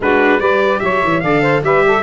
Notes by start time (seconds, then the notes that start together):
0.00 G#3 D4 F#4 B4
0.40 G3 G4 B4 D5
0.79 F#3 C#5 E5
1.03 E3
1.20 D3 A4 D5 F5
1.41 C5
1.62 G3 G4 B4 E5
1.86 A4